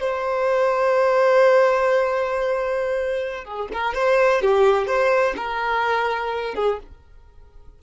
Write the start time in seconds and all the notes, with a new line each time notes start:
0.00 C5
3.45 G#4
3.72 A#4
3.94 C5
4.42 G4
4.87 C5
5.37 A#4
6.55 G#4